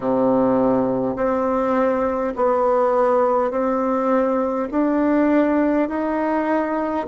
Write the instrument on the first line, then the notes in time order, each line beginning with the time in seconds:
bassoon
0.00 C3
1.16 C4
2.36 B3
3.50 C4
4.71 D4
5.88 D#4